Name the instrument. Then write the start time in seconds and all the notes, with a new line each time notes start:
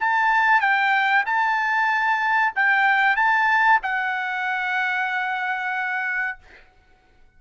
trumpet
0.00 A5
0.60 G5
1.26 A5
2.55 G5
3.16 A5
3.82 F#5